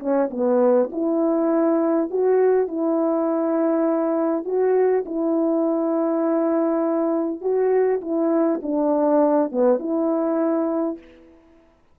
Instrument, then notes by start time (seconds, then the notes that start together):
horn
0.00 C#4
0.31 B3
0.92 E4
2.10 F#4
2.68 E4
4.45 F#4
5.05 E4
7.41 F#4
8.01 E4
8.62 D4
9.52 B3
9.79 E4